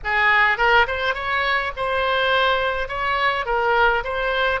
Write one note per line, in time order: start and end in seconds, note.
0.04 0.57 G#4
0.57 0.86 A#4
0.87 1.14 C5
1.14 1.72 C#5
1.76 2.88 C5
2.88 3.45 C#5
3.45 4.03 A#4
4.04 4.60 C5